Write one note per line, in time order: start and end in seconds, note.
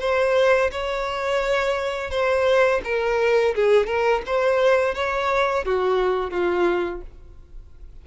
0.00 0.71 C5
0.71 2.10 C#5
2.10 2.81 C5
2.84 3.55 A#4
3.55 3.87 G#4
3.87 4.22 A#4
4.26 4.94 C5
4.94 5.65 C#5
5.65 6.31 F#4
6.31 7.01 F4